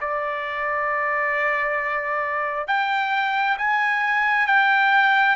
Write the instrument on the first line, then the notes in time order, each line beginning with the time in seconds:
trumpet
0.00 D5
2.67 G5
3.57 G#5
4.47 G5